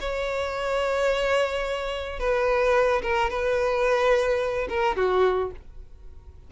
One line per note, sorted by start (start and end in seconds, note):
0.00 2.19 C#5
2.19 3.02 B4
3.02 3.30 A#4
3.30 4.67 B4
4.69 4.96 A#4
4.96 5.51 F#4